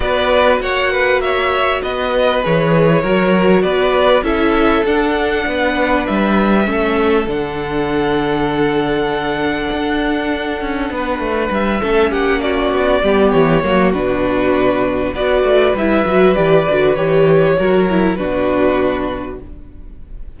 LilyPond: <<
  \new Staff \with { instrumentName = "violin" } { \time 4/4 \tempo 4 = 99 d''4 fis''4 e''4 dis''4 | cis''2 d''4 e''4 | fis''2 e''2 | fis''1~ |
fis''2. e''4 | fis''8 d''4. cis''4 b'4~ | b'4 d''4 e''4 d''4 | cis''2 b'2 | }
  \new Staff \with { instrumentName = "violin" } { \time 4/4 b'4 cis''8 b'8 cis''4 b'4~ | b'4 ais'4 b'4 a'4~ | a'4 b'2 a'4~ | a'1~ |
a'2 b'4. a'8 | g'8 fis'4 g'4 fis'4.~ | fis'4 b'2.~ | b'4 ais'4 fis'2 | }
  \new Staff \with { instrumentName = "viola" } { \time 4/4 fis'1 | gis'4 fis'2 e'4 | d'2. cis'4 | d'1~ |
d'2.~ d'8 cis'8~ | cis'4. b4 ais8 d'4~ | d'4 fis'4 e'8 fis'8 g'8 fis'8 | g'4 fis'8 e'8 d'2 | }
  \new Staff \with { instrumentName = "cello" } { \time 4/4 b4 ais2 b4 | e4 fis4 b4 cis'4 | d'4 b4 g4 a4 | d1 |
d'4. cis'8 b8 a8 g8 a8 | ais4 b8 g8 e8 fis8 b,4~ | b,4 b8 a8 g8 fis8 e8 d8 | e4 fis4 b,2 | }
>>